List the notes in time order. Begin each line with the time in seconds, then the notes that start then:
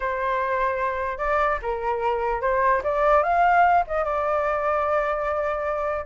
0.00 C5
1.18 D5
1.62 A#4
2.41 C5
2.83 D5
3.23 F5
3.87 D#5
4.04 D5